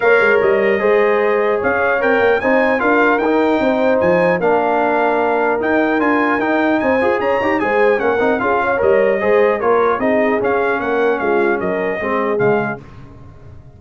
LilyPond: <<
  \new Staff \with { instrumentName = "trumpet" } { \time 4/4 \tempo 4 = 150 f''4 dis''2. | f''4 g''4 gis''4 f''4 | g''2 gis''4 f''4~ | f''2 g''4 gis''4 |
g''4 gis''4 ais''4 gis''4 | fis''4 f''4 dis''2 | cis''4 dis''4 f''4 fis''4 | f''4 dis''2 f''4 | }
  \new Staff \with { instrumentName = "horn" } { \time 4/4 cis''2 c''2 | cis''2 c''4 ais'4~ | ais'4 c''2 ais'4~ | ais'1~ |
ais'4 c''4 cis''4 c''4 | ais'4 gis'8 cis''4. c''4 | ais'4 gis'2 ais'4 | f'4 ais'4 gis'2 | }
  \new Staff \with { instrumentName = "trombone" } { \time 4/4 ais'2 gis'2~ | gis'4 ais'4 dis'4 f'4 | dis'2. d'4~ | d'2 dis'4 f'4 |
dis'4. gis'4 g'8 gis'4 | cis'8 dis'8 f'4 ais'4 gis'4 | f'4 dis'4 cis'2~ | cis'2 c'4 gis4 | }
  \new Staff \with { instrumentName = "tuba" } { \time 4/4 ais8 gis8 g4 gis2 | cis'4 c'8 ais8 c'4 d'4 | dis'4 c'4 f4 ais4~ | ais2 dis'4 d'4 |
dis'4 c'8 f'8 cis'8 dis'8 gis4 | ais8 c'8 cis'4 g4 gis4 | ais4 c'4 cis'4 ais4 | gis4 fis4 gis4 cis4 | }
>>